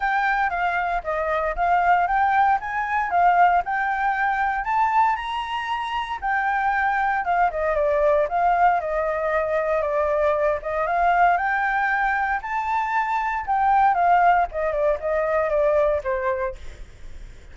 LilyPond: \new Staff \with { instrumentName = "flute" } { \time 4/4 \tempo 4 = 116 g''4 f''4 dis''4 f''4 | g''4 gis''4 f''4 g''4~ | g''4 a''4 ais''2 | g''2 f''8 dis''8 d''4 |
f''4 dis''2 d''4~ | d''8 dis''8 f''4 g''2 | a''2 g''4 f''4 | dis''8 d''8 dis''4 d''4 c''4 | }